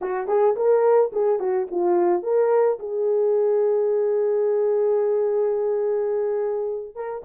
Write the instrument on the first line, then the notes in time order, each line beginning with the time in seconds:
horn
0.01 F#4
0.27 G#4
0.56 A#4
1.12 G#4
1.39 F#4
1.70 F4
2.22 A#4
2.79 G#4
6.95 A#4